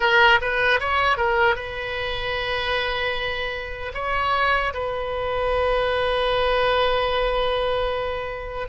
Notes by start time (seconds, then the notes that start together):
0.00 A#4
0.41 B4
0.80 C#5
1.17 A#4
1.55 B4
3.94 C#5
4.73 B4